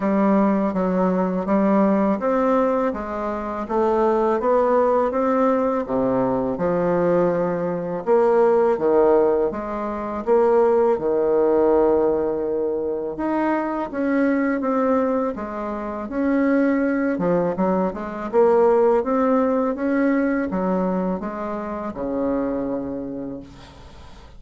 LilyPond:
\new Staff \with { instrumentName = "bassoon" } { \time 4/4 \tempo 4 = 82 g4 fis4 g4 c'4 | gis4 a4 b4 c'4 | c4 f2 ais4 | dis4 gis4 ais4 dis4~ |
dis2 dis'4 cis'4 | c'4 gis4 cis'4. f8 | fis8 gis8 ais4 c'4 cis'4 | fis4 gis4 cis2 | }